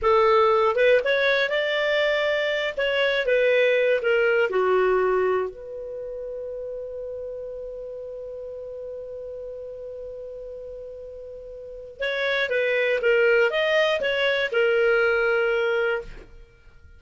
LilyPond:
\new Staff \with { instrumentName = "clarinet" } { \time 4/4 \tempo 4 = 120 a'4. b'8 cis''4 d''4~ | d''4. cis''4 b'4. | ais'4 fis'2 b'4~ | b'1~ |
b'1~ | b'1 | cis''4 b'4 ais'4 dis''4 | cis''4 ais'2. | }